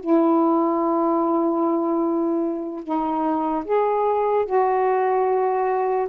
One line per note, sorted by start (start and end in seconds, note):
0.00 2.83 E4
2.83 3.64 D#4
3.65 4.46 G#4
4.46 6.08 F#4